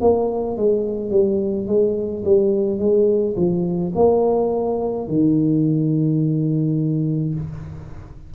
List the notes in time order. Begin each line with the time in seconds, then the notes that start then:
0.00 A#3
0.57 G#3
1.10 G3
1.67 G#3
2.24 G3
2.78 G#3
3.36 F3
3.95 A#3
5.07 D#3